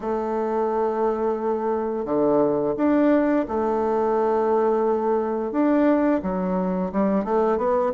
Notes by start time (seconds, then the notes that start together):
0.00 A3
2.05 D3
2.76 D4
3.48 A3
5.51 D4
6.22 F#3
6.92 G3
7.24 A3
7.57 B3